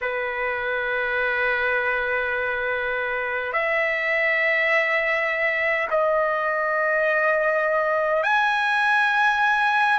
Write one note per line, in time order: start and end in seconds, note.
0.01 3.52 B4
3.52 5.88 E5
5.90 8.23 D#5
8.23 9.99 G#5